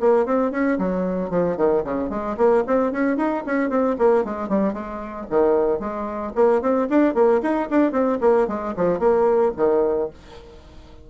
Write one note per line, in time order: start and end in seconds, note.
0.00 0.26 A#3
0.26 0.51 C4
0.51 0.78 C#4
0.79 1.30 F#3
1.30 1.57 F3
1.57 1.83 D#3
1.84 2.10 C#3
2.10 2.36 G#3
2.37 2.64 A#3
2.67 2.92 C4
2.92 3.17 C#4
3.17 3.44 D#4
3.46 3.70 C#4
3.70 3.96 C4
3.99 4.24 A#3
4.24 4.49 G#3
4.49 4.74 G3
4.74 5.27 G#3
5.30 5.80 D#3
5.80 6.33 G#3
6.35 6.62 A#3
6.62 6.88 C4
6.90 7.14 D4
7.14 7.41 A#3
7.42 7.69 D#4
7.70 7.92 D4
7.92 8.18 C4
8.21 8.48 A#3
8.48 8.74 G#3
8.77 8.99 F3
8.99 9.52 A#3
9.57 10.10 D#3